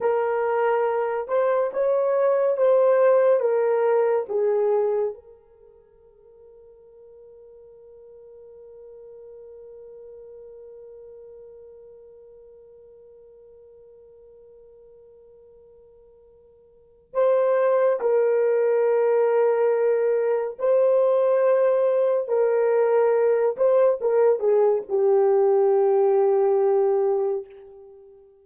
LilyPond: \new Staff \with { instrumentName = "horn" } { \time 4/4 \tempo 4 = 70 ais'4. c''8 cis''4 c''4 | ais'4 gis'4 ais'2~ | ais'1~ | ais'1~ |
ais'1 | c''4 ais'2. | c''2 ais'4. c''8 | ais'8 gis'8 g'2. | }